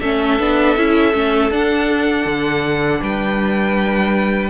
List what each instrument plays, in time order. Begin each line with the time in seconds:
0.00 cello A3, viola C#4, violin A4 E5
0.39 cello B3, viola D4
0.76 cello C#4, viola E4
1.13 cello A3, viola C#4
1.50 cello D4, viola D4, violin F#5
2.25 cello D3
3.01 cello G3, violin B4 G5